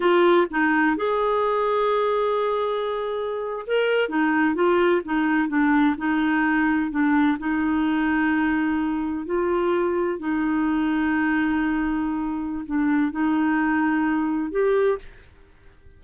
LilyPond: \new Staff \with { instrumentName = "clarinet" } { \time 4/4 \tempo 4 = 128 f'4 dis'4 gis'2~ | gis'2.~ gis'8. ais'16~ | ais'8. dis'4 f'4 dis'4 d'16~ | d'8. dis'2 d'4 dis'16~ |
dis'2.~ dis'8. f'16~ | f'4.~ f'16 dis'2~ dis'16~ | dis'2. d'4 | dis'2. g'4 | }